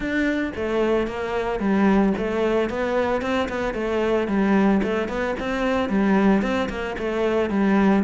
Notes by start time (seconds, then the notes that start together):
0.00 D4
0.55 A3
1.07 A#3
1.59 G3
2.17 A3
2.69 B3
3.21 C4
3.48 B3
3.74 A3
4.27 G3
4.83 A3
5.08 B3
5.39 C4
5.89 G3
6.42 C4
6.69 A#3
6.98 A3
7.50 G3